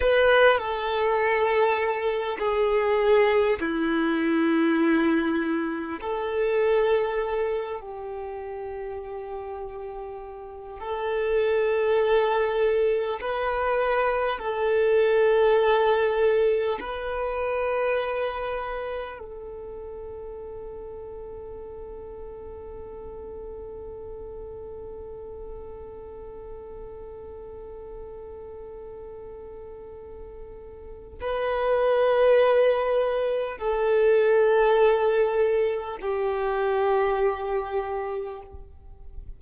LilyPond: \new Staff \with { instrumentName = "violin" } { \time 4/4 \tempo 4 = 50 b'8 a'4. gis'4 e'4~ | e'4 a'4. g'4.~ | g'4 a'2 b'4 | a'2 b'2 |
a'1~ | a'1~ | a'2 b'2 | a'2 g'2 | }